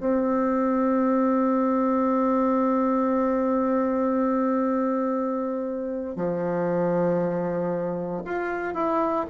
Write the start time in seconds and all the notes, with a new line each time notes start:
0.00 C4
6.16 F3
8.25 F4
8.74 E4